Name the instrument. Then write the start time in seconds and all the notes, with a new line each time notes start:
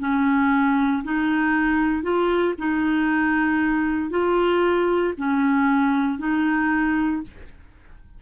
clarinet
0.00 C#4
1.04 D#4
2.03 F4
2.59 D#4
4.11 F4
5.18 C#4
6.19 D#4